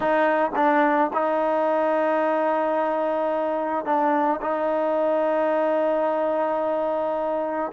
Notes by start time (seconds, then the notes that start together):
0.00 D#4
0.55 D4
1.13 D#4
3.85 D4
4.41 D#4